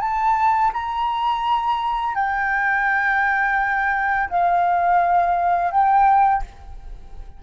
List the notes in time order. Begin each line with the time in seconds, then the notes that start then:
0.00 A5
0.73 A#5
2.15 G5
4.29 F5
5.71 G5